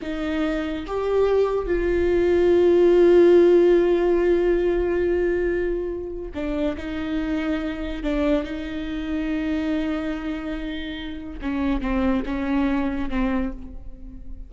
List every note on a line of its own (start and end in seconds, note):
0.01 0.86 D#4
0.86 1.66 G4
1.66 6.31 F4
6.34 6.76 D4
6.77 8.03 D#4
8.03 8.43 D4
8.43 11.39 D#4
11.41 11.81 C#4
11.81 12.23 C4
12.25 13.09 C#4
13.09 13.51 C4